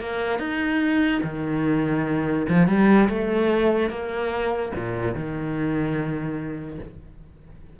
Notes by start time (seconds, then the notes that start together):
0.00 A#3
0.39 D#4
1.23 D#3
2.49 F3
2.67 G3
3.09 A3
3.90 A#3
4.75 A#2
5.14 D#3